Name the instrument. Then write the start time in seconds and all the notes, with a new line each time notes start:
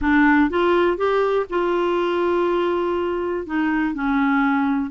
clarinet
0.01 D4
0.50 F4
0.97 G4
1.49 F4
3.46 D#4
3.94 C#4